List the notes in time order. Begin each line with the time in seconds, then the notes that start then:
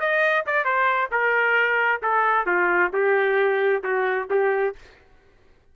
0.00 D#5
0.47 D5
0.65 C5
1.12 A#4
2.03 A4
2.46 F4
2.93 G4
3.84 F#4
4.30 G4